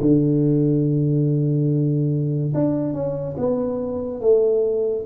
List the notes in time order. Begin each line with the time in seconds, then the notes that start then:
0.00 D3
2.54 D4
2.93 C#4
3.38 B3
4.21 A3